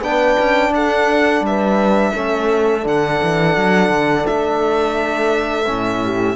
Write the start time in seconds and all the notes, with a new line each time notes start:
0.00 B3 D4 B4 G5
0.39 C#4
0.70 D4 A4 F#5
1.41 G3 B4 E5
2.12 A3 C#4 A4
2.82 D3 D4 F#5
3.22 E3
3.57 F#3
3.89 D3
4.26 A3 E5
5.66 A2 C#4
6.03 G4